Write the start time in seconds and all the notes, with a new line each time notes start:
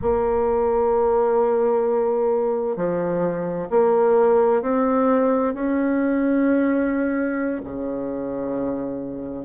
0.01 A#3
2.76 F3
3.69 A#3
4.62 C4
5.53 C#4
7.64 C#3